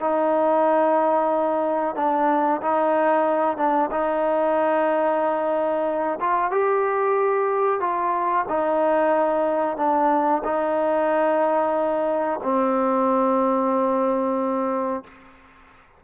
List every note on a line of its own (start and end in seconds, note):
0.00 1.95 D#4
1.95 2.61 D4
2.61 3.57 D#4
3.57 3.90 D4
3.90 6.19 D#4
6.20 6.51 F4
6.51 7.80 G4
7.80 8.45 F4
8.48 9.77 D#4
9.77 10.42 D4
10.44 12.39 D#4
12.42 15.03 C4